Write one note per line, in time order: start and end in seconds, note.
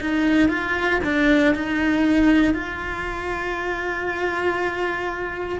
0.00 0.49 D#4
0.49 0.99 F4
1.04 1.54 D4
1.54 2.54 D#4
2.54 5.59 F4